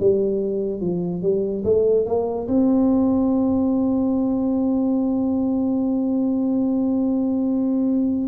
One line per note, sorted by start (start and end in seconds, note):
0.00 0.81 G3
0.81 1.22 F3
1.22 1.64 G3
1.64 2.06 A3
2.06 2.48 A#3
2.48 8.28 C4